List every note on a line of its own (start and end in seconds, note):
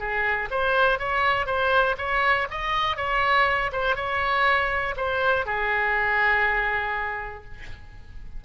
0.00 0.50 G#4
0.51 0.99 C5
0.99 1.47 C#5
1.47 1.96 C5
1.98 2.48 C#5
2.51 2.97 D#5
2.97 3.72 C#5
3.73 3.96 C5
3.96 4.95 C#5
4.97 5.46 C5
5.46 7.45 G#4